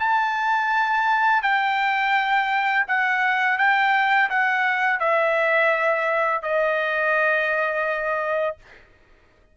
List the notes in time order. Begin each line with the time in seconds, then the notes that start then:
0.00 A5
1.43 G5
2.88 F#5
3.58 G5
4.30 F#5
5.00 E5
6.43 D#5